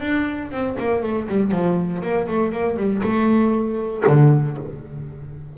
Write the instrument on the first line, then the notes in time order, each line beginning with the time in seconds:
double bass
0.00 D4
0.51 C4
0.79 A#3
1.02 A3
1.28 G3
1.51 F3
2.02 A#3
2.28 A3
2.52 A#3
2.76 G3
3.03 A3
4.07 D3